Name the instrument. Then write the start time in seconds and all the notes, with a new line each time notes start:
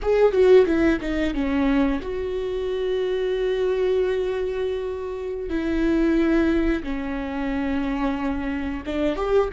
viola
0.02 G#4
0.32 F#4
0.65 E4
1.00 D#4
1.34 C#4
2.01 F#4
5.49 E4
6.83 C#4
8.85 D4
9.15 G4